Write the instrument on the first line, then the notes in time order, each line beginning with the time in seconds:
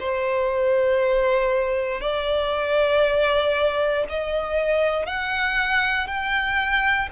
violin
0.00 C5
2.02 D5
4.10 D#5
5.07 F#5
6.08 G5